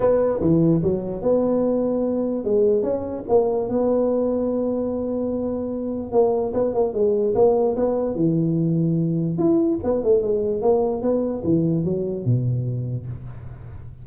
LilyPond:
\new Staff \with { instrumentName = "tuba" } { \time 4/4 \tempo 4 = 147 b4 e4 fis4 b4~ | b2 gis4 cis'4 | ais4 b2.~ | b2. ais4 |
b8 ais8 gis4 ais4 b4 | e2. e'4 | b8 a8 gis4 ais4 b4 | e4 fis4 b,2 | }